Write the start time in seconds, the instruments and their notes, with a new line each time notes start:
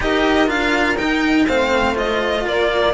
0.00 cello D#4 G4, horn A#4, violin D#5
0.47 cello D4 F4, violin F5
0.97 cello D#4, violin G5
1.46 cello A3 C4, horn C5, violin F5
1.95 cello F4, violin D#5
2.45 cello A#3, horn A#4, violin D5